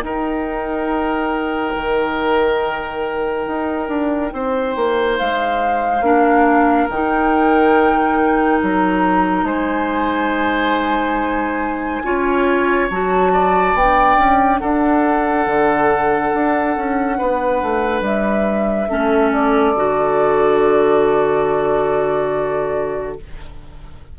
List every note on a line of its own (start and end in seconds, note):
0.00 6.00 D#4
0.00 1.74 D#4
0.00 4.33 A#4
0.00 5.16 G5
1.75 3.47 D#3
3.47 3.88 D#4
3.88 4.31 D4
4.33 4.76 C4
4.33 6.05 C5
4.76 5.19 A#3
5.18 6.01 G#3
5.18 6.89 F5
6.01 6.86 A#3
6.01 6.88 D4
6.01 9.45 A#4
6.89 8.61 D#3
6.89 12.04 D#4
6.89 8.61 G5
8.62 9.43 F#3
8.62 9.46 A#5
9.43 12.01 G#3
9.43 12.02 C5
9.43 12.89 G#5
12.04 12.90 C#4
12.04 12.89 F4
12.04 13.32 C#5
12.90 13.74 F#3
12.90 13.77 F#4
12.90 13.76 A5
13.32 14.60 D5
13.74 14.16 B3
13.74 18.89 D4
13.74 14.59 G5
14.17 14.60 C#4
14.59 15.46 D4
14.59 17.17 A4
14.59 18.02 F#5
15.46 16.32 D3
16.34 16.76 D4
16.76 17.19 C#4
17.18 17.62 B3
17.18 18.89 B4
17.62 18.01 A3
18.01 18.86 G3
18.01 19.32 E5
18.89 19.74 A3
18.89 19.75 C#4
18.89 23.17 A4
19.32 23.17 D5
19.74 23.17 D3
19.74 23.18 F#4